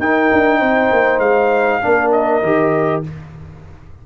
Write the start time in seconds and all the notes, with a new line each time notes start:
0.00 D#4 A#4 G5
0.33 D4
0.59 C4 C5
0.93 A#3
1.19 G#3 F5
1.82 A#3 D4 A#4
2.12 D#5
2.43 D#3 G4